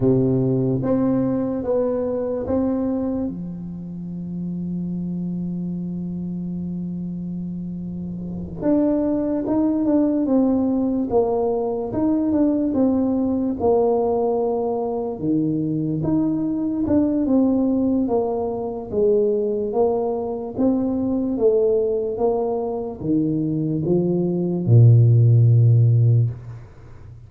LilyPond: \new Staff \with { instrumentName = "tuba" } { \time 4/4 \tempo 4 = 73 c4 c'4 b4 c'4 | f1~ | f2~ f8 d'4 dis'8 | d'8 c'4 ais4 dis'8 d'8 c'8~ |
c'8 ais2 dis4 dis'8~ | dis'8 d'8 c'4 ais4 gis4 | ais4 c'4 a4 ais4 | dis4 f4 ais,2 | }